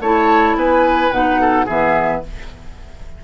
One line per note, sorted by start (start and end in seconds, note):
0.00 0.55 A3
0.00 1.12 E4
0.00 0.56 C#5
0.00 0.57 A5
0.55 1.10 B3
0.55 1.41 B4
0.55 1.12 G#5
1.11 1.66 B2
1.11 1.67 D#4
1.11 1.67 F#5
1.41 1.65 A4
1.65 2.24 E3
1.65 2.23 B3
1.65 2.21 G#4
1.65 2.23 E5